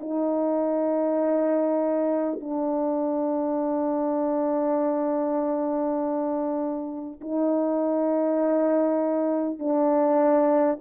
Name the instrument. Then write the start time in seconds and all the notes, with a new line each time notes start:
horn
0.00 D#4
2.40 D4
7.21 D#4
9.59 D4